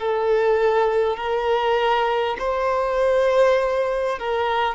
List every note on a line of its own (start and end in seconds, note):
0.00 1.17 A4
1.17 2.37 A#4
2.39 4.19 C5
4.19 4.76 A#4